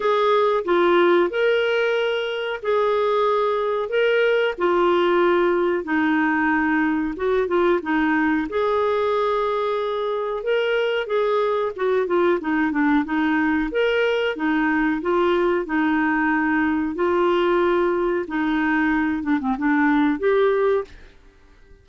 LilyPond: \new Staff \with { instrumentName = "clarinet" } { \time 4/4 \tempo 4 = 92 gis'4 f'4 ais'2 | gis'2 ais'4 f'4~ | f'4 dis'2 fis'8 f'8 | dis'4 gis'2. |
ais'4 gis'4 fis'8 f'8 dis'8 d'8 | dis'4 ais'4 dis'4 f'4 | dis'2 f'2 | dis'4. d'16 c'16 d'4 g'4 | }